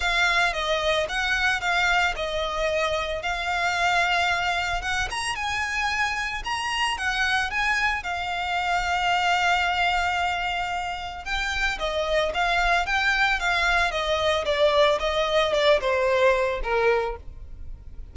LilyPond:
\new Staff \with { instrumentName = "violin" } { \time 4/4 \tempo 4 = 112 f''4 dis''4 fis''4 f''4 | dis''2 f''2~ | f''4 fis''8 ais''8 gis''2 | ais''4 fis''4 gis''4 f''4~ |
f''1~ | f''4 g''4 dis''4 f''4 | g''4 f''4 dis''4 d''4 | dis''4 d''8 c''4. ais'4 | }